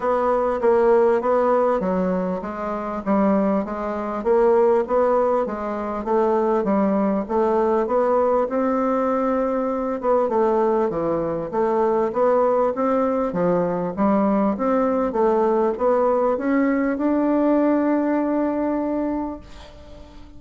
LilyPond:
\new Staff \with { instrumentName = "bassoon" } { \time 4/4 \tempo 4 = 99 b4 ais4 b4 fis4 | gis4 g4 gis4 ais4 | b4 gis4 a4 g4 | a4 b4 c'2~ |
c'8 b8 a4 e4 a4 | b4 c'4 f4 g4 | c'4 a4 b4 cis'4 | d'1 | }